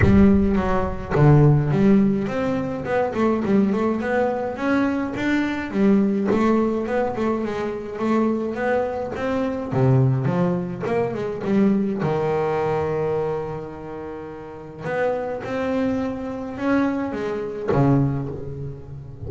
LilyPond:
\new Staff \with { instrumentName = "double bass" } { \time 4/4 \tempo 4 = 105 g4 fis4 d4 g4 | c'4 b8 a8 g8 a8 b4 | cis'4 d'4 g4 a4 | b8 a8 gis4 a4 b4 |
c'4 c4 f4 ais8 gis8 | g4 dis2.~ | dis2 b4 c'4~ | c'4 cis'4 gis4 cis4 | }